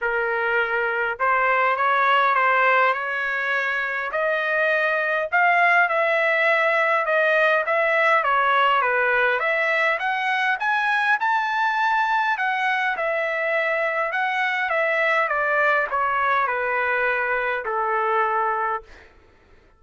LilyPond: \new Staff \with { instrumentName = "trumpet" } { \time 4/4 \tempo 4 = 102 ais'2 c''4 cis''4 | c''4 cis''2 dis''4~ | dis''4 f''4 e''2 | dis''4 e''4 cis''4 b'4 |
e''4 fis''4 gis''4 a''4~ | a''4 fis''4 e''2 | fis''4 e''4 d''4 cis''4 | b'2 a'2 | }